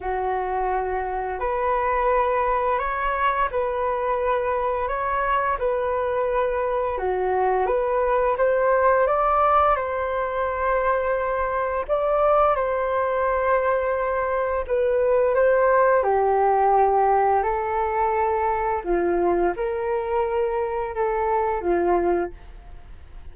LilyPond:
\new Staff \with { instrumentName = "flute" } { \time 4/4 \tempo 4 = 86 fis'2 b'2 | cis''4 b'2 cis''4 | b'2 fis'4 b'4 | c''4 d''4 c''2~ |
c''4 d''4 c''2~ | c''4 b'4 c''4 g'4~ | g'4 a'2 f'4 | ais'2 a'4 f'4 | }